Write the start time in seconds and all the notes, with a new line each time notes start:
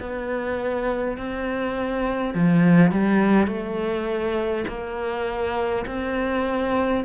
0.00 B3
1.18 C4
2.35 F3
2.91 G3
3.48 A3
4.68 A#3
5.87 C4